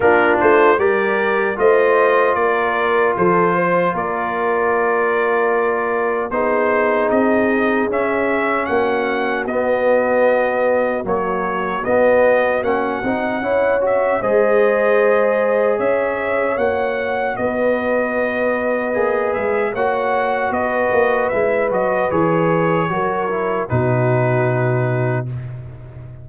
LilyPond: <<
  \new Staff \with { instrumentName = "trumpet" } { \time 4/4 \tempo 4 = 76 ais'8 c''8 d''4 dis''4 d''4 | c''4 d''2. | c''4 dis''4 e''4 fis''4 | dis''2 cis''4 dis''4 |
fis''4. e''8 dis''2 | e''4 fis''4 dis''2~ | dis''8 e''8 fis''4 dis''4 e''8 dis''8 | cis''2 b'2 | }
  \new Staff \with { instrumentName = "horn" } { \time 4/4 f'4 ais'4 c''4 ais'4 | a'8 c''8 ais'2. | gis'2. fis'4~ | fis'1~ |
fis'4 cis''4 c''2 | cis''2 b'2~ | b'4 cis''4 b'2~ | b'4 ais'4 fis'2 | }
  \new Staff \with { instrumentName = "trombone" } { \time 4/4 d'4 g'4 f'2~ | f'1 | dis'2 cis'2 | b2 fis4 b4 |
cis'8 dis'8 e'8 fis'8 gis'2~ | gis'4 fis'2. | gis'4 fis'2 e'8 fis'8 | gis'4 fis'8 e'8 dis'2 | }
  \new Staff \with { instrumentName = "tuba" } { \time 4/4 ais8 a8 g4 a4 ais4 | f4 ais2. | b4 c'4 cis'4 ais4 | b2 ais4 b4 |
ais8 c'8 cis'4 gis2 | cis'4 ais4 b2 | ais8 gis8 ais4 b8 ais8 gis8 fis8 | e4 fis4 b,2 | }
>>